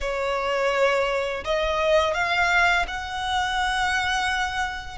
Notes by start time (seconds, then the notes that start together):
0.01 C#5
1.44 D#5
2.14 F5
2.87 F#5